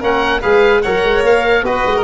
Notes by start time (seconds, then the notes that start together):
0.00 A#3 C#4 A#4 F#5
0.42 G#3 G#4 B4 F5
0.82 F#3 A#4 C#5 F#5
1.04 G#3
1.22 A#3 F5
1.63 B3 F#4 B4 D#5
1.86 G#3
1.96 A#4